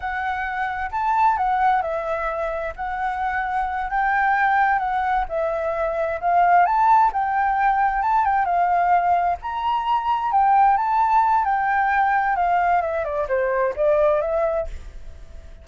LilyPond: \new Staff \with { instrumentName = "flute" } { \time 4/4 \tempo 4 = 131 fis''2 a''4 fis''4 | e''2 fis''2~ | fis''8 g''2 fis''4 e''8~ | e''4. f''4 a''4 g''8~ |
g''4. a''8 g''8 f''4.~ | f''8 ais''2 g''4 a''8~ | a''4 g''2 f''4 | e''8 d''8 c''4 d''4 e''4 | }